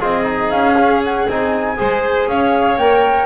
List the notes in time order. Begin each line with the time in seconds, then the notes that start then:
0.00 C4 F4 G#4 D#5
0.24 D#4
0.51 C#4 F5
0.78 C#4
1.05 F#5
1.27 C4 D#4 G#5
1.77 G#3 G#4 C5
2.27 C#4 C#5 F5
2.77 A#3 A#4 G5